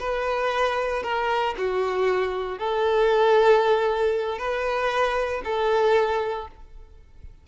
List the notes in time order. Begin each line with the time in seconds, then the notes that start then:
0.00 B4
1.03 A#4
1.58 F#4
2.59 A4
4.39 B4
5.45 A4